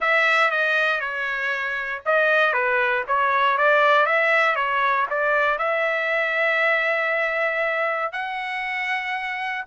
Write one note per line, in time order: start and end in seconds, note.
0.00 0.50 E5
0.50 1.00 D#5
1.00 2.02 C#5
2.05 2.53 D#5
2.53 3.04 B4
3.07 3.57 C#5
3.57 4.06 D5
4.06 4.55 E5
4.55 5.06 C#5
5.10 5.58 D5
5.58 8.12 E5
8.12 9.64 F#5